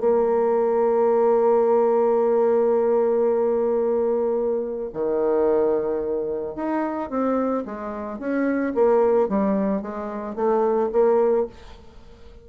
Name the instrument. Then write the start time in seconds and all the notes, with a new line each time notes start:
bassoon
0.00 A#3
4.94 D#3
6.56 D#4
7.10 C4
7.65 G#3
8.19 C#4
8.75 A#3
9.29 G3
9.82 G#3
10.35 A3
10.92 A#3